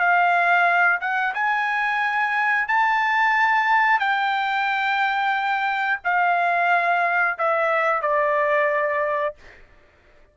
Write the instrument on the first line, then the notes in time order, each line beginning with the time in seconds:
trumpet
0.00 F5
1.01 F#5
1.35 G#5
2.68 A5
4.00 G5
6.05 F5
7.39 E5
8.02 D5